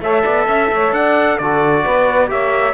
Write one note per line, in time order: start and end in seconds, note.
0.00 0.23 A3
0.00 1.40 A4
0.00 0.23 C#5
0.00 0.93 E5
0.23 0.48 B3
0.23 0.46 D5
0.47 0.70 C#4
0.47 0.69 E5
0.71 0.92 A3
0.71 0.95 C#5
0.92 1.37 D4
0.92 1.37 D5
0.92 1.38 F#5
1.37 1.85 D3
1.37 2.27 F#4
1.37 1.83 A4
1.37 2.29 D5
1.83 2.31 B3
1.83 2.29 B4
2.27 2.73 A#3
2.27 2.73 G4
2.27 2.73 C#5
2.27 2.73 E5